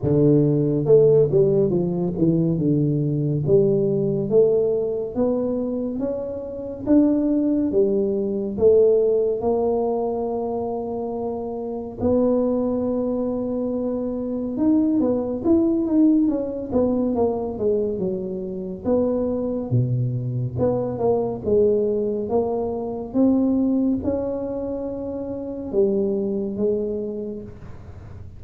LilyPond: \new Staff \with { instrumentName = "tuba" } { \time 4/4 \tempo 4 = 70 d4 a8 g8 f8 e8 d4 | g4 a4 b4 cis'4 | d'4 g4 a4 ais4~ | ais2 b2~ |
b4 dis'8 b8 e'8 dis'8 cis'8 b8 | ais8 gis8 fis4 b4 b,4 | b8 ais8 gis4 ais4 c'4 | cis'2 g4 gis4 | }